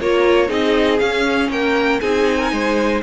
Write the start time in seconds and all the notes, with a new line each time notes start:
0.00 A#3 F4 A#4 C#5
0.48 C4 D#4 G#4 D#5
0.99 C#4 F5
1.49 A#3 A#4 G5
2.00 C4 D#4 G#4 G#5
2.39 A#4
2.51 G#3 C5